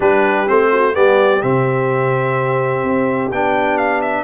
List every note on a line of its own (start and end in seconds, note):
0.00 0.47 G3
0.00 0.46 D4
0.00 0.70 G4
0.00 0.48 B4
0.46 0.96 A3
0.46 0.93 C4
0.46 0.95 C5
0.72 0.95 F#4
0.93 1.43 G3
0.93 1.41 B3
0.93 4.23 G4
0.93 1.42 D5
1.41 2.83 C3
1.41 3.30 C4
1.41 3.31 E5
2.83 3.31 C4
3.31 4.23 B3
3.31 4.23 D4
3.31 3.77 G5
3.77 4.01 F5
4.01 4.23 E5